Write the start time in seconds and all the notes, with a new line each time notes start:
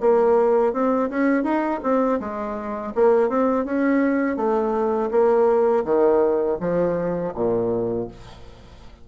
0.00 A#3
0.73 C4
1.10 C#4
1.43 D#4
1.83 C4
2.20 G#3
2.95 A#3
3.29 C4
3.65 C#4
4.37 A3
5.11 A#3
5.84 D#3
6.60 F3
7.34 A#2